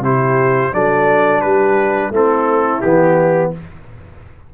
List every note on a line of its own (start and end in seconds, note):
0.00 0.70 C3
0.00 0.74 E4
0.00 0.74 G4
0.00 0.74 C5
0.74 1.44 F#3
0.74 2.13 D4
0.74 1.43 A4
0.74 1.42 D5
1.42 2.11 G3
1.42 2.11 G4
1.42 2.11 B4
2.11 2.80 A3
2.11 2.83 C4
2.11 3.51 E4
2.11 2.82 A4
2.82 3.54 E3
2.82 3.54 B3
2.82 3.51 G4